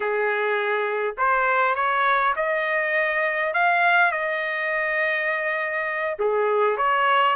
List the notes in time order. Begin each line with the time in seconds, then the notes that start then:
0.00 G#4
1.17 C5
1.75 C#5
2.36 D#5
3.53 F5
4.11 D#5
6.18 G#4
6.77 C#5